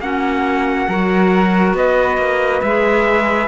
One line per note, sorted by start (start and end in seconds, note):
0.00 0.87 A#3
0.00 0.89 C#4
0.00 0.89 F#4
0.00 1.74 F#5
0.88 1.74 F#3
0.88 2.64 F#4
0.88 1.76 A#4
1.74 2.17 B3
1.74 3.48 B4
1.74 2.62 D#5
2.18 2.61 A#3
2.62 3.48 G#3
2.62 3.48 G#4
2.62 3.48 E5